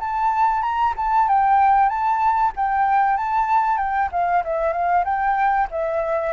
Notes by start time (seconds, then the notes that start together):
0.00 A5
0.63 A#5
0.97 A5
1.29 G5
1.89 A5
2.56 G5
3.17 A5
3.78 G5
4.12 F5
4.45 E5
4.73 F5
5.05 G5
5.71 E5